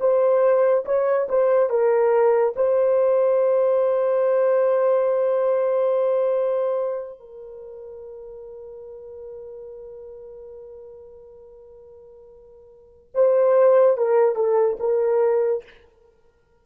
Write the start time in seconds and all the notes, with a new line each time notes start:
0.00 C5
0.86 C#5
1.29 C5
1.70 A#4
2.56 C5
7.20 A#4
13.15 C5
13.97 A#4
14.36 A4
14.80 A#4